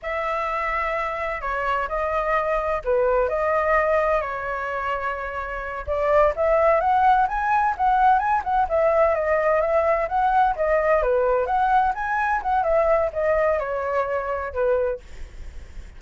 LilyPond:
\new Staff \with { instrumentName = "flute" } { \time 4/4 \tempo 4 = 128 e''2. cis''4 | dis''2 b'4 dis''4~ | dis''4 cis''2.~ | cis''8 d''4 e''4 fis''4 gis''8~ |
gis''8 fis''4 gis''8 fis''8 e''4 dis''8~ | dis''8 e''4 fis''4 dis''4 b'8~ | b'8 fis''4 gis''4 fis''8 e''4 | dis''4 cis''2 b'4 | }